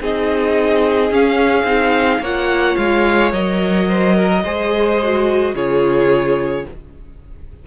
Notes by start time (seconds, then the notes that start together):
0.00 C4 D#4 G#4 D#5
1.11 C#4 F5
1.63 C4 D#4
2.20 A#3 F4 C#5 F#5
2.76 G#3 F5
3.33 F#3 A#4 D#5
3.88 C5
4.16 A#4
4.44 G#3 G#4 C5
5.03 F#4
5.54 C#3 F4 G#4 C#5